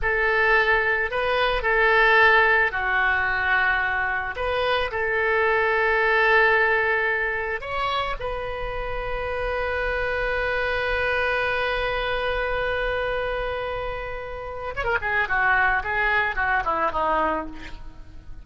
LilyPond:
\new Staff \with { instrumentName = "oboe" } { \time 4/4 \tempo 4 = 110 a'2 b'4 a'4~ | a'4 fis'2. | b'4 a'2.~ | a'2 cis''4 b'4~ |
b'1~ | b'1~ | b'2. cis''16 ais'16 gis'8 | fis'4 gis'4 fis'8 e'8 dis'4 | }